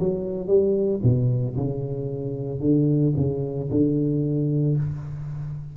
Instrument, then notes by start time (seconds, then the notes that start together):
tuba
0.00 F#3
0.48 G3
1.03 B2
1.57 C#3
2.61 D3
3.17 C#3
3.71 D3